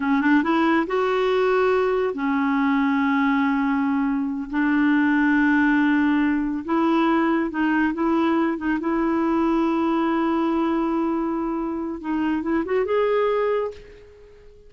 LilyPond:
\new Staff \with { instrumentName = "clarinet" } { \time 4/4 \tempo 4 = 140 cis'8 d'8 e'4 fis'2~ | fis'4 cis'2.~ | cis'2~ cis'8 d'4.~ | d'2.~ d'8 e'8~ |
e'4. dis'4 e'4. | dis'8 e'2.~ e'8~ | e'1 | dis'4 e'8 fis'8 gis'2 | }